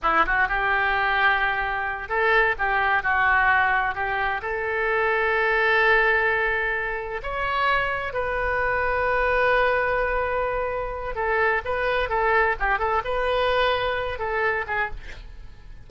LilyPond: \new Staff \with { instrumentName = "oboe" } { \time 4/4 \tempo 4 = 129 e'8 fis'8 g'2.~ | g'8 a'4 g'4 fis'4.~ | fis'8 g'4 a'2~ a'8~ | a'2.~ a'8 cis''8~ |
cis''4. b'2~ b'8~ | b'1 | a'4 b'4 a'4 g'8 a'8 | b'2~ b'8 a'4 gis'8 | }